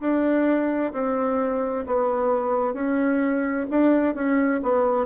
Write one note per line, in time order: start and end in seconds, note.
0.00 0.92 D4
0.93 1.85 C4
1.87 2.74 B3
2.74 3.66 C#4
3.70 4.15 D4
4.15 4.61 C#4
4.63 5.06 B3